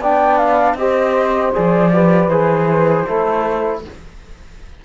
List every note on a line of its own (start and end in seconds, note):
0.00 0.74 B3
0.00 0.78 D4
0.00 0.76 D5
0.00 0.38 G5
0.38 0.76 F5
0.74 1.50 C4
0.74 1.54 G4
0.74 1.93 C5
0.74 1.53 D#5
1.54 2.28 F3
1.54 1.92 G#4
1.54 2.29 D5
1.93 2.31 G4
1.93 3.05 B4
2.28 3.04 E3
2.28 3.07 G#4
2.28 3.81 C5
3.05 3.85 A3
3.05 3.83 E4
3.05 3.81 A4